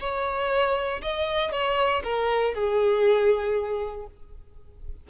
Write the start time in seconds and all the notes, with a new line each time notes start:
0.00 C#5
1.02 D#5
1.52 C#5
2.04 A#4
2.54 G#4